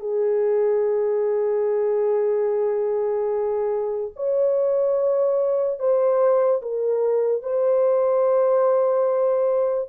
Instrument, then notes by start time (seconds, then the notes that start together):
horn
0.00 G#4
4.16 C#5
5.79 C5
6.62 A#4
7.42 C5